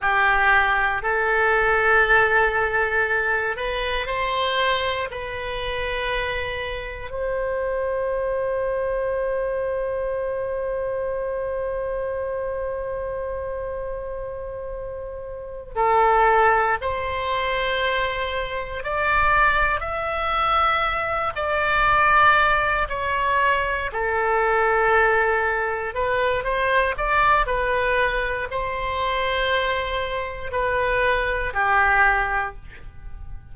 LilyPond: \new Staff \with { instrumentName = "oboe" } { \time 4/4 \tempo 4 = 59 g'4 a'2~ a'8 b'8 | c''4 b'2 c''4~ | c''1~ | c''2.~ c''8 a'8~ |
a'8 c''2 d''4 e''8~ | e''4 d''4. cis''4 a'8~ | a'4. b'8 c''8 d''8 b'4 | c''2 b'4 g'4 | }